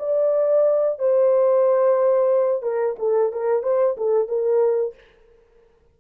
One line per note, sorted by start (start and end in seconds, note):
0.00 0.99 D5
0.99 2.63 C5
2.63 2.96 A#4
2.99 3.33 A4
3.33 3.63 A#4
3.63 3.96 C5
3.98 4.28 A4
4.28 4.95 A#4